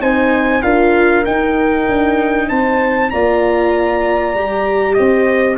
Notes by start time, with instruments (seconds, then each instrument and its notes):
0.00 tuba C4, viola D#4, horn C5, trumpet G#5
0.62 tuba D4, viola F4, horn A#4, trumpet F5
1.25 viola D#4, tuba D#4, trumpet G5
1.88 tuba D4
2.48 tuba C4, horn C5, trumpet A5
3.10 tuba A#3, viola F4, horn D5, trumpet A#5
4.34 tuba G3, viola G4
4.93 tuba C4, horn C5, trumpet D#5